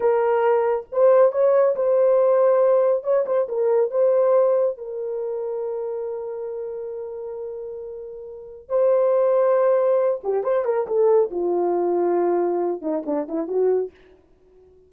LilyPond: \new Staff \with { instrumentName = "horn" } { \time 4/4 \tempo 4 = 138 ais'2 c''4 cis''4 | c''2. cis''8 c''8 | ais'4 c''2 ais'4~ | ais'1~ |
ais'1 | c''2.~ c''8 g'8 | c''8 ais'8 a'4 f'2~ | f'4. dis'8 d'8 e'8 fis'4 | }